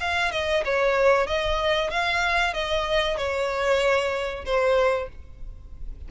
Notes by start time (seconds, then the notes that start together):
0.00 F5
0.32 D#5
0.65 C#5
1.27 D#5
1.90 F5
2.54 D#5
3.17 C#5
4.45 C5